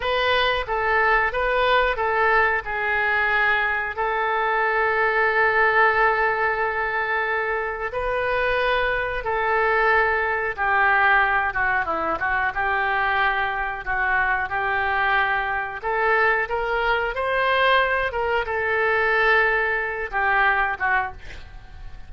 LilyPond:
\new Staff \with { instrumentName = "oboe" } { \time 4/4 \tempo 4 = 91 b'4 a'4 b'4 a'4 | gis'2 a'2~ | a'1 | b'2 a'2 |
g'4. fis'8 e'8 fis'8 g'4~ | g'4 fis'4 g'2 | a'4 ais'4 c''4. ais'8 | a'2~ a'8 g'4 fis'8 | }